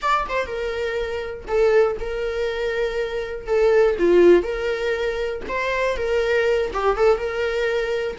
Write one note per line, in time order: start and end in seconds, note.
0.02 0.27 D5
0.28 0.46 C5
0.46 1.45 A#4
1.47 1.97 A4
2.00 3.46 A#4
3.46 3.96 A4
3.98 4.42 F4
4.42 5.41 A#4
5.48 5.96 C5
5.96 6.71 A#4
6.73 6.97 G4
6.97 7.17 A4
7.17 8.16 A#4